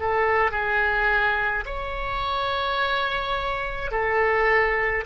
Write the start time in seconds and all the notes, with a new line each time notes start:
0.00 A4
0.51 G#4
1.66 C#5
3.92 A4